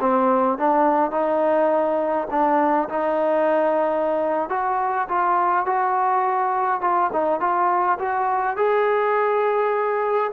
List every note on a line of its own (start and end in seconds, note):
0.00 0.58 C4
0.58 1.11 D4
1.11 2.27 D#4
2.30 2.88 D4
2.89 4.49 D#4
4.49 5.07 F#4
5.08 5.65 F4
5.65 6.80 F#4
6.80 7.10 F4
7.12 7.40 D#4
7.40 7.98 F4
7.99 8.56 F#4
8.56 10.31 G#4